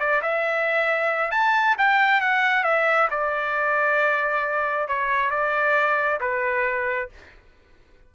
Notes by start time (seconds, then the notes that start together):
0.00 D5
0.23 E5
1.32 A5
1.79 G5
2.21 F#5
2.64 E5
3.11 D5
4.89 C#5
5.31 D5
6.21 B4